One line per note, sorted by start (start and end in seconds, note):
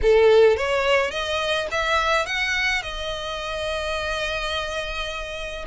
0.02 0.56 A4
0.56 1.10 C#5
1.10 1.67 D#5
1.71 2.25 E5
2.25 2.82 F#5
2.82 5.65 D#5